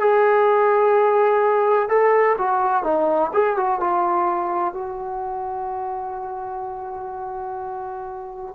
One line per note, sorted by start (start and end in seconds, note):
0.00 1.90 G#4
1.90 2.37 A4
2.39 2.84 F#4
2.84 3.32 D#4
3.34 3.57 G#4
3.57 3.81 F#4
3.81 4.74 F4
4.74 8.55 F#4